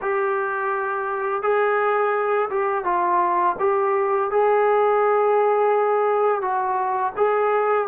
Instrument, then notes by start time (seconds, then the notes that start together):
trombone
0.01 G4
1.42 G#4
2.49 G4
2.84 F4
3.59 G4
4.30 G#4
6.41 F#4
7.16 G#4